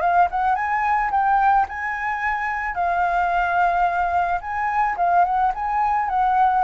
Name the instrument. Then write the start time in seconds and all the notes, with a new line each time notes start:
flute
0.00 F5
0.30 F#5
0.55 G#5
1.11 G5
1.68 G#5
2.74 F5
4.41 G#5
4.97 F5
5.24 F#5
5.54 G#5
6.09 F#5